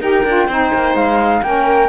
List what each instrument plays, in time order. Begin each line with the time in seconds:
0.00 cello D#4, saxophone G4, violin A#4, flute G5
0.25 cello D4, saxophone F4
0.47 cello C4, saxophone D#4, violin C5
0.74 cello A#3
0.94 cello G#3, flute F5
1.42 cello A#3, saxophone C#4, violin A#4, flute G5